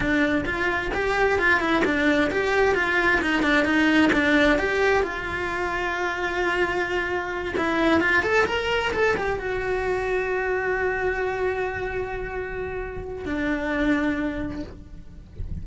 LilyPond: \new Staff \with { instrumentName = "cello" } { \time 4/4 \tempo 4 = 131 d'4 f'4 g'4 f'8 e'8 | d'4 g'4 f'4 dis'8 d'8 | dis'4 d'4 g'4 f'4~ | f'1~ |
f'8 e'4 f'8 a'8 ais'4 a'8 | g'8 fis'2.~ fis'8~ | fis'1~ | fis'4 d'2. | }